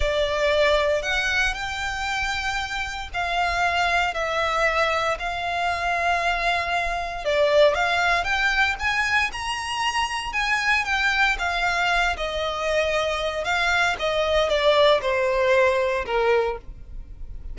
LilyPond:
\new Staff \with { instrumentName = "violin" } { \time 4/4 \tempo 4 = 116 d''2 fis''4 g''4~ | g''2 f''2 | e''2 f''2~ | f''2 d''4 f''4 |
g''4 gis''4 ais''2 | gis''4 g''4 f''4. dis''8~ | dis''2 f''4 dis''4 | d''4 c''2 ais'4 | }